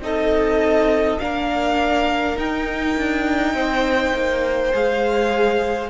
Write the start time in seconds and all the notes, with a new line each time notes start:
0.00 C4 D#4 A4 D#5
1.19 A#3 D4 A#4 F5
2.36 D#4 G5
2.97 D4
3.54 C4 C5
4.14 A#3
4.73 G#3 G#4 F5